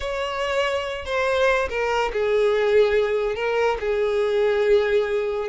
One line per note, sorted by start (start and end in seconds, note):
0.00 1.05 C#5
1.05 1.68 C5
1.69 2.11 A#4
2.12 3.35 G#4
3.35 3.77 A#4
3.80 5.48 G#4